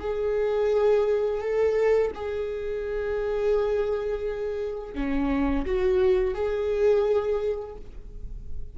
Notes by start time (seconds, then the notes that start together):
0.00 G#4
1.41 A4
2.15 G#4
4.95 C#4
5.66 F#4
6.35 G#4